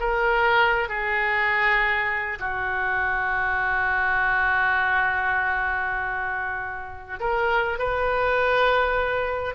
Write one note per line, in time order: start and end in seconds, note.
0.00 0.89 A#4
0.89 2.39 G#4
2.39 7.19 F#4
7.20 7.79 A#4
7.79 9.55 B4